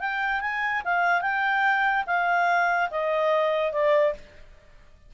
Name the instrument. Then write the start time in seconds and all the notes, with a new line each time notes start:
clarinet
0.00 G5
0.41 G#5
0.85 F5
1.22 G5
2.07 F5
2.91 D#5
3.72 D5